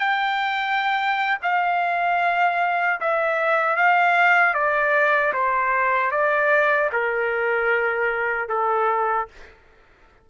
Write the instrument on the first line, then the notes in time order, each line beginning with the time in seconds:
trumpet
0.00 G5
1.42 F5
3.01 E5
3.76 F5
4.54 D5
5.34 C5
6.11 D5
6.93 A#4
8.49 A4